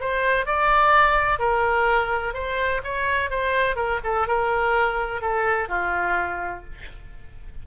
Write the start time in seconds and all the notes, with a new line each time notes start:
0.00 C5
0.46 D5
1.39 A#4
2.34 C5
2.84 C#5
3.30 C5
3.76 A#4
4.04 A4
4.27 A#4
5.21 A4
5.69 F4